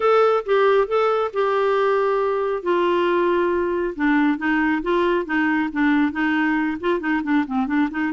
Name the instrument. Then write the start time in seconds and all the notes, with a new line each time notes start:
clarinet
0.00 A4
0.45 G4
0.87 A4
1.33 G4
2.63 F4
3.95 D4
4.38 D#4
4.82 F4
5.25 D#4
5.72 D4
6.12 D#4
6.80 F4
7.00 D#4
7.23 D4
7.46 C4
7.66 D4
7.91 D#4